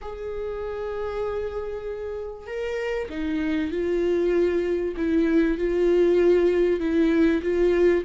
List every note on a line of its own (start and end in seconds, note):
0.01 2.47 G#4
2.47 3.08 A#4
3.09 3.71 D#4
3.71 4.95 F4
4.96 5.58 E4
5.58 6.80 F4
6.80 7.41 E4
7.42 8.04 F4